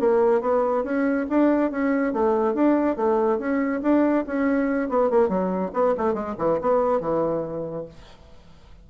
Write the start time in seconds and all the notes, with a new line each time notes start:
0.00 A#3
0.41 B3
0.84 C#4
1.30 D4
1.71 C#4
2.13 A3
2.54 D4
2.96 A3
3.39 C#4
3.82 D4
4.27 C#4
4.89 B3
5.10 A#3
5.29 F#3
5.73 B3
5.97 A3
6.14 G#3
6.38 E3
6.61 B3
7.00 E3